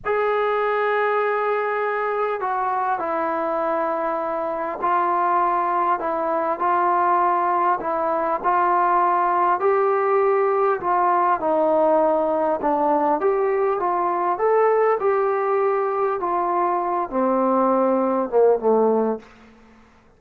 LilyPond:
\new Staff \with { instrumentName = "trombone" } { \time 4/4 \tempo 4 = 100 gis'1 | fis'4 e'2. | f'2 e'4 f'4~ | f'4 e'4 f'2 |
g'2 f'4 dis'4~ | dis'4 d'4 g'4 f'4 | a'4 g'2 f'4~ | f'8 c'2 ais8 a4 | }